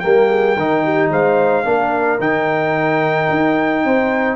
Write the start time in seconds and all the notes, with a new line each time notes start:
0.00 G3 A#3 A#4 G5
0.29 G#4
0.55 D#3 D#4 A#4
0.84 G4
1.10 G#3 C5 F5
1.65 A#3 D4 A#4
2.19 D#3 D#4 G5
3.30 D#4
3.85 C4 C5